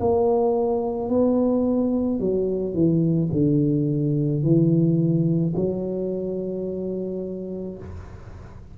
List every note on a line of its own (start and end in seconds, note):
0.00 1.09 A#3
1.09 2.20 B3
2.20 2.74 F#3
2.74 3.29 E3
3.32 4.43 D3
4.43 5.54 E3
5.56 7.78 F#3